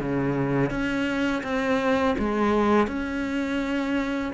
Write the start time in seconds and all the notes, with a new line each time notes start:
0.00 C#3
0.70 C#4
1.43 C4
2.18 G#3
2.87 C#4